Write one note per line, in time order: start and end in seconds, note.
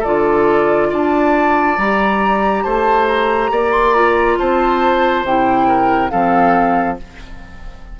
0.00 0.92 D3
0.00 1.79 F4
0.00 0.87 A4
0.00 0.91 D5
0.90 1.78 D4
0.90 2.64 D5
0.90 1.78 A5
1.78 2.65 G3
1.78 3.95 G4
1.78 2.63 A#5
2.63 3.51 A3
2.63 3.51 C5
2.63 3.07 A5
3.08 3.72 A#5
3.51 4.38 A#3
3.51 4.39 D5
3.72 3.94 C6
3.94 5.26 F4
3.94 4.37 A#5
4.39 5.24 C4
4.39 5.68 C5
4.39 5.26 A5
5.24 6.11 C3
5.24 6.10 E4
5.24 6.10 G5
5.68 6.11 A#4
6.10 7.00 F3
6.10 6.97 C4
6.10 6.98 A4
6.10 6.97 F5